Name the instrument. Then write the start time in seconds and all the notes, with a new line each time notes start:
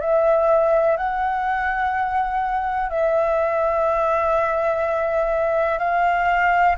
flute
0.00 E5
0.97 F#5
2.89 E5
5.78 F5